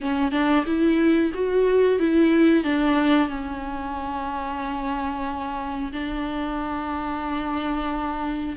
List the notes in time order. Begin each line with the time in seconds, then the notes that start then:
0.00 C#4
0.31 D4
0.66 E4
1.34 F#4
1.99 E4
2.64 D4
3.28 C#4
5.92 D4